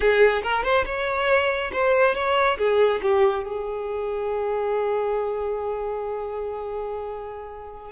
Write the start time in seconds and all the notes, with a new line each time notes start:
0.00 G#4
0.42 A#4
0.63 C5
0.85 C#5
1.72 C5
2.14 C#5
2.58 G#4
3.01 G4
3.43 G#4